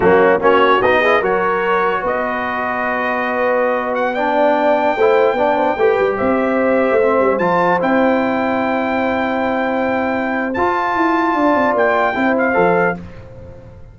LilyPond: <<
  \new Staff \with { instrumentName = "trumpet" } { \time 4/4 \tempo 4 = 148 fis'4 cis''4 dis''4 cis''4~ | cis''4 dis''2.~ | dis''4.~ dis''16 fis''8 g''4.~ g''16~ | g''2.~ g''16 e''8.~ |
e''2~ e''16 a''4 g''8.~ | g''1~ | g''2 a''2~ | a''4 g''4. f''4. | }
  \new Staff \with { instrumentName = "horn" } { \time 4/4 cis'4 fis'4. gis'8 ais'4~ | ais'4 b'2.~ | b'2~ b'16 d''4.~ d''16~ | d''16 c''4 d''8 c''8 b'4 c''8.~ |
c''1~ | c''1~ | c''1 | d''2 c''2 | }
  \new Staff \with { instrumentName = "trombone" } { \time 4/4 ais4 cis'4 dis'8 e'8 fis'4~ | fis'1~ | fis'2~ fis'16 d'4.~ d'16~ | d'16 e'4 d'4 g'4.~ g'16~ |
g'4~ g'16 c'4 f'4 e'8.~ | e'1~ | e'2 f'2~ | f'2 e'4 a'4 | }
  \new Staff \with { instrumentName = "tuba" } { \time 4/4 fis4 ais4 b4 fis4~ | fis4 b2.~ | b1~ | b16 a4 b4 a8 g8 c'8.~ |
c'4 a8. g8 f4 c'8.~ | c'1~ | c'2 f'4 e'4 | d'8 c'8 ais4 c'4 f4 | }
>>